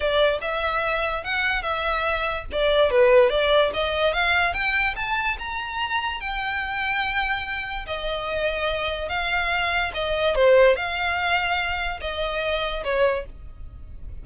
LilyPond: \new Staff \with { instrumentName = "violin" } { \time 4/4 \tempo 4 = 145 d''4 e''2 fis''4 | e''2 d''4 b'4 | d''4 dis''4 f''4 g''4 | a''4 ais''2 g''4~ |
g''2. dis''4~ | dis''2 f''2 | dis''4 c''4 f''2~ | f''4 dis''2 cis''4 | }